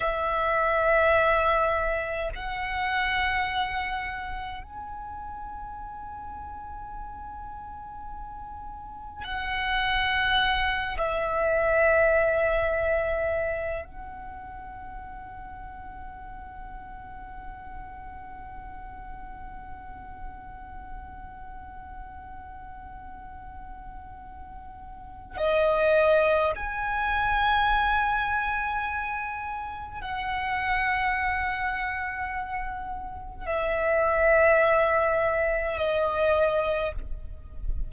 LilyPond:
\new Staff \with { instrumentName = "violin" } { \time 4/4 \tempo 4 = 52 e''2 fis''2 | gis''1 | fis''4. e''2~ e''8 | fis''1~ |
fis''1~ | fis''2 dis''4 gis''4~ | gis''2 fis''2~ | fis''4 e''2 dis''4 | }